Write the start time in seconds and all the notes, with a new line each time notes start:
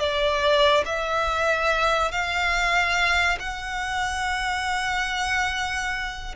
0.00 D5
0.86 E5
2.12 F5
3.40 F#5